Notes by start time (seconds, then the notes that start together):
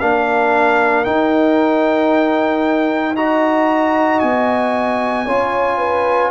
0.00 A#3 D4 A#4 F5
1.05 D#4 G5
3.16 F#4 D#5 A#5
4.20 B3 G#5
5.26 C#4 F4 C#5
5.78 B4